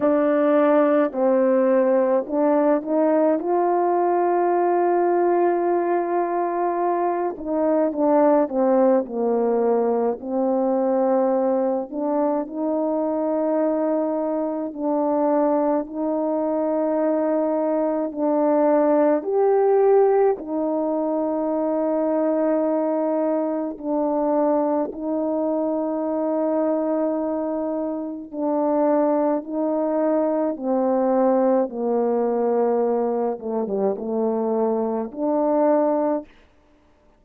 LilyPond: \new Staff \with { instrumentName = "horn" } { \time 4/4 \tempo 4 = 53 d'4 c'4 d'8 dis'8 f'4~ | f'2~ f'8 dis'8 d'8 c'8 | ais4 c'4. d'8 dis'4~ | dis'4 d'4 dis'2 |
d'4 g'4 dis'2~ | dis'4 d'4 dis'2~ | dis'4 d'4 dis'4 c'4 | ais4. a16 g16 a4 d'4 | }